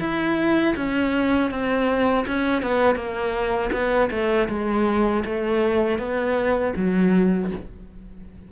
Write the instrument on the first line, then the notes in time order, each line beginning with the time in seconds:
cello
0.00 E4
0.77 C#4
1.51 C4
2.27 C#4
2.62 B3
2.96 A#3
3.73 B3
4.11 A3
4.49 G#3
5.25 A3
5.99 B3
6.77 F#3